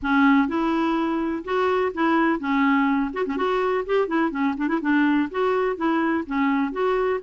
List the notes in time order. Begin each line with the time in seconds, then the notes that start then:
0.02 C#4
0.47 E4
1.44 F#4
1.94 E4
2.39 C#4
3.13 F#4
3.26 C#4
3.36 F#4
3.86 G4
4.07 E4
4.30 C#4
4.57 D4
4.68 E4
4.81 D4
5.30 F#4
5.76 E4
6.26 C#4
6.72 F#4